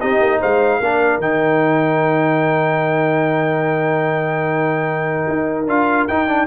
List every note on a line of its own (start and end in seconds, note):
0.00 0.20 C4
0.00 0.82 D#4
0.00 0.40 G4
0.00 0.41 D#5
0.20 0.40 A#3
0.40 0.80 G#3
0.40 0.80 C5
0.40 1.21 F5
0.80 1.18 A#3
0.80 1.21 D4
0.80 6.47 A#4
1.18 5.24 D#3
1.18 5.67 D#4
1.18 5.67 G5
5.28 5.66 D#4
5.66 6.07 D4
5.66 6.09 F4
5.66 6.07 F5
6.07 6.47 D#4
6.07 6.28 D#4
6.07 6.47 G5
6.28 6.47 D4